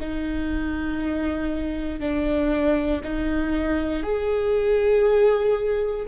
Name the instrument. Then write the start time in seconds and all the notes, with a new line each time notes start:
viola
0.00 D#4
2.00 D4
3.04 D#4
4.03 G#4